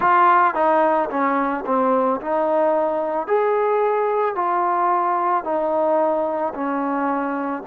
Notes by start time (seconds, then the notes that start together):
0.00 F4
0.54 D#4
1.10 C#4
1.66 C4
2.20 D#4
3.27 G#4
4.35 F4
5.43 D#4
6.54 C#4